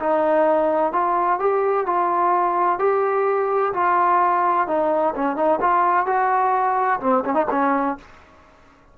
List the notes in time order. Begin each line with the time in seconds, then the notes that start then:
0.00 D#4
0.93 F4
1.40 G4
1.86 F4
2.79 G4
3.74 F4
4.67 D#4
5.15 C#4
5.36 D#4
5.61 F4
6.06 F#4
7.01 C4
7.25 C#4
7.34 D#4
7.51 C#4